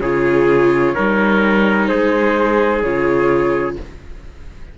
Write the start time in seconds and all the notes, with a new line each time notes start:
0.00 C#3 F4 G#4 C#5
0.95 G3 D#4 A#4
1.87 G#3 G#4 C5
2.81 C#3 F4 C#5